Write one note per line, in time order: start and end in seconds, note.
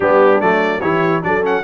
0.00 0.41 G3
0.00 0.40 B3
0.00 0.80 D4
0.00 0.41 G4
0.40 0.82 F#3
0.40 0.81 A3
0.40 0.81 D5
0.80 1.23 E3
0.80 1.22 E4
0.80 1.21 G4
0.80 1.22 C#5
1.22 1.63 F#3
1.22 1.42 D4
1.22 1.63 A4
1.22 1.44 D5
1.42 1.62 C#4
1.42 1.63 F#5